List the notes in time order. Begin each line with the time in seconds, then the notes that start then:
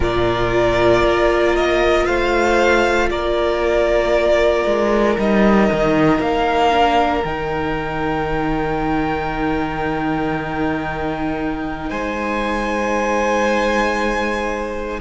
0.00 A#2 F4 A#4 D5
1.03 A#3
1.55 D#5
2.05 A3 C5 F5
3.10 A#3 A#4 D5
4.65 G#3
5.17 G3 D#4 D#5
5.72 D#3
6.19 A#3 F5
6.71 D4
7.24 D#3 D#4 G5
11.89 G#3 C5 G#5